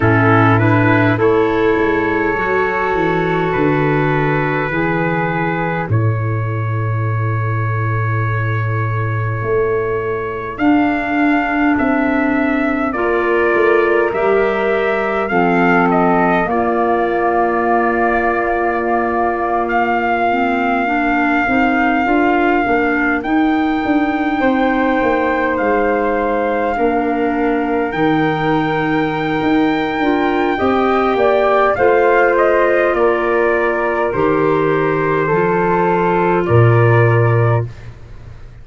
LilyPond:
<<
  \new Staff \with { instrumentName = "trumpet" } { \time 4/4 \tempo 4 = 51 a'8 b'8 cis''2 b'4~ | b'4 cis''2.~ | cis''4 f''4 e''4 d''4 | e''4 f''8 dis''8 d''2~ |
d''8. f''2. g''16~ | g''4.~ g''16 f''2 g''16~ | g''2. f''8 dis''8 | d''4 c''2 d''4 | }
  \new Staff \with { instrumentName = "flute" } { \time 4/4 e'4 a'2. | gis'4 a'2.~ | a'2. ais'4~ | ais'4 a'4 f'2~ |
f'4.~ f'16 ais'2~ ais'16~ | ais'8. c''2 ais'4~ ais'16~ | ais'2 dis''8 d''8 c''4 | ais'2 a'4 ais'4 | }
  \new Staff \with { instrumentName = "clarinet" } { \time 4/4 cis'8 d'8 e'4 fis'2 | e'1~ | e'4 d'2 f'4 | g'4 c'4 ais2~ |
ais4~ ais16 c'8 d'8 dis'8 f'8 d'8 dis'16~ | dis'2~ dis'8. d'4 dis'16~ | dis'4. f'8 g'4 f'4~ | f'4 g'4 f'2 | }
  \new Staff \with { instrumentName = "tuba" } { \time 4/4 a,4 a8 gis8 fis8 e8 d4 | e4 a,2. | a4 d'4 c'4 ais8 a8 | g4 f4 ais2~ |
ais2~ ais16 c'8 d'8 ais8 dis'16~ | dis'16 d'8 c'8 ais8 gis4 ais4 dis16~ | dis4 dis'8 d'8 c'8 ais8 a4 | ais4 dis4 f4 ais,4 | }
>>